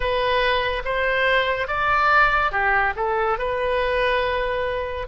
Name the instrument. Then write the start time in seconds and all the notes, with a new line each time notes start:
oboe
0.00 B4
0.85 C5
1.67 D5
2.51 G4
2.96 A4
3.38 B4